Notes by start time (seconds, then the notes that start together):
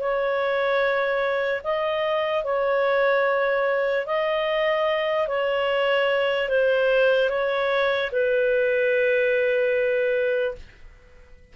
0.00 C#5
1.64 D#5
2.45 C#5
4.07 D#5
5.29 C#5
6.49 C5
7.30 C#5
8.12 B4